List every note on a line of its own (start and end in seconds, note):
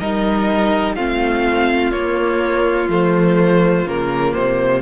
0.00 0.97 G3
0.00 0.97 D#4
0.00 0.96 A#4
0.00 0.95 D#5
0.95 1.92 A3
0.95 1.93 C4
0.95 4.82 F4
0.95 1.92 F5
1.92 2.89 A#3
1.92 2.90 A#3
1.92 2.89 C#5
2.89 3.85 F3
2.89 3.86 A3
2.89 3.88 C5
3.86 4.34 C#3
3.86 4.82 A#3
3.86 4.34 A#4
4.34 4.82 C3
4.34 4.82 C5